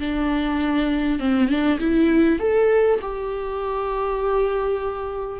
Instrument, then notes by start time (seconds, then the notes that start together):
viola
0.00 D4
1.19 C4
1.49 D4
1.79 E4
2.39 A4
3.01 G4